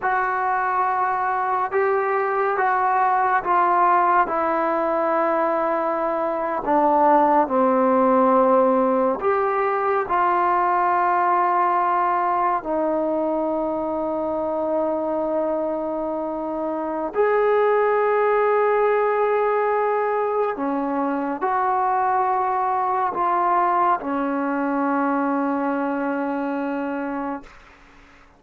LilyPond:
\new Staff \with { instrumentName = "trombone" } { \time 4/4 \tempo 4 = 70 fis'2 g'4 fis'4 | f'4 e'2~ e'8. d'16~ | d'8. c'2 g'4 f'16~ | f'2~ f'8. dis'4~ dis'16~ |
dis'1 | gis'1 | cis'4 fis'2 f'4 | cis'1 | }